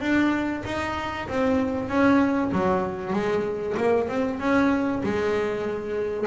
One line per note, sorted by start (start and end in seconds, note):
0.00 0.62 D4
0.65 1.28 D#4
1.28 1.89 C4
1.89 2.51 C#4
2.52 3.13 F#3
3.13 3.75 G#3
3.77 4.08 A#3
4.08 4.39 C4
4.39 5.02 C#4
5.03 6.26 G#3